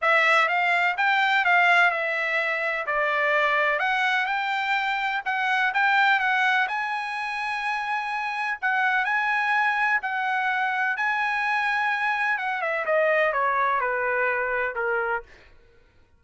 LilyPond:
\new Staff \with { instrumentName = "trumpet" } { \time 4/4 \tempo 4 = 126 e''4 f''4 g''4 f''4 | e''2 d''2 | fis''4 g''2 fis''4 | g''4 fis''4 gis''2~ |
gis''2 fis''4 gis''4~ | gis''4 fis''2 gis''4~ | gis''2 fis''8 e''8 dis''4 | cis''4 b'2 ais'4 | }